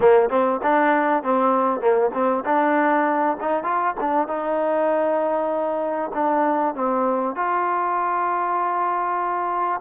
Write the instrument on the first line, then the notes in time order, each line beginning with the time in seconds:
trombone
0.00 A#3
0.29 C4
0.62 D4
1.23 C4
1.80 A#3
2.13 C4
2.45 D4
3.40 D#4
3.63 F4
4.00 D4
4.27 D#4
6.14 D4
6.75 C4
7.35 F4